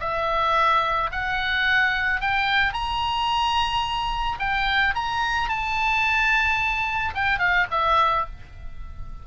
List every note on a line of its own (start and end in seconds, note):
0.00 1.10 E5
1.12 2.21 F#5
2.21 2.73 G5
2.73 4.38 A#5
4.39 4.94 G5
4.95 5.49 A#5
5.49 7.14 A5
7.14 7.39 G5
7.39 7.66 F5
7.71 8.26 E5